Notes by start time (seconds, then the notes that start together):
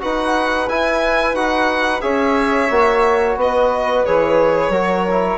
0.00 D#4 F#4 B4 F#5
0.69 E4 G#5
1.34 D#4 F#4 F#5
2.01 C#4 G#4 C#5 E5
2.70 A#3 F#4
3.36 B3 B4 D#5
4.06 E3 G#4 C#5
4.69 F#3 F#4 A#4
5.11 E4